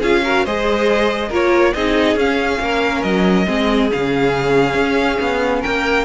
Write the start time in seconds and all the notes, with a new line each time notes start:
0.00 C#4 F4 G#4 F5
0.24 F#4 A#4
0.45 G#3 G#4 C5 D#5
1.29 A#3 F4 A#4 C#5
1.74 C4 D#4 G#4 D#5
2.16 C#4 F5
2.60 A#3 A#4
3.03 F#3 D#5
3.46 G#3 C4 G#4
3.92 C#3 C#4 F5
4.75 C#4
5.21 B3
5.61 A#3 A#4 G5